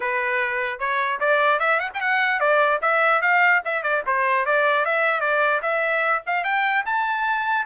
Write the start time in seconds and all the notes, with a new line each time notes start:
0.00 B4
0.79 C#5
1.20 D5
1.59 E5
1.79 F#5
1.94 G5
2.01 F#5
2.39 D5
2.81 E5
3.21 F5
3.64 E5
3.82 D5
4.06 C5
4.45 D5
4.85 E5
5.20 D5
5.62 E5
6.26 F5
6.44 G5
6.85 A5